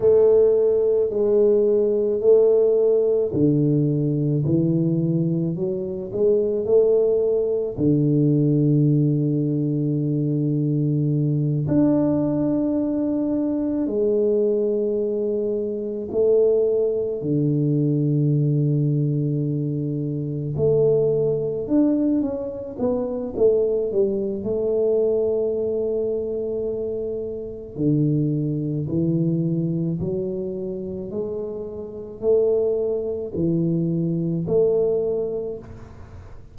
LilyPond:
\new Staff \with { instrumentName = "tuba" } { \time 4/4 \tempo 4 = 54 a4 gis4 a4 d4 | e4 fis8 gis8 a4 d4~ | d2~ d8 d'4.~ | d'8 gis2 a4 d8~ |
d2~ d8 a4 d'8 | cis'8 b8 a8 g8 a2~ | a4 d4 e4 fis4 | gis4 a4 e4 a4 | }